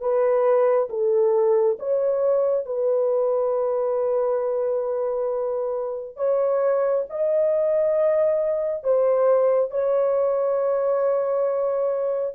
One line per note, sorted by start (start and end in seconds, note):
0.00 0.88 B4
0.89 1.77 A4
1.79 2.65 C#5
2.65 6.16 B4
6.16 7.04 C#5
7.09 8.83 D#5
8.83 9.70 C5
9.70 12.34 C#5